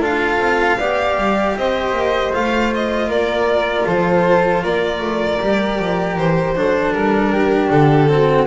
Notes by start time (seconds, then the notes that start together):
0.00 D4 F4 A4 F5
0.37 C4
0.78 B3 G4 D5
1.17 G3
1.56 C4 C5 D#5
1.92 A#3
2.33 A3 F4 F5
2.75 D#5
3.08 A#3 A#4 D5
3.85 F3 A4 C5
4.63 A#3 A#4 D5
5.00 A3
5.41 G3 G4
5.79 F3
6.17 E3 C5
6.55 F#3 D4 A4
6.93 G3 A#4
7.32 G4
7.71 D3 A4
8.08 C4 F#4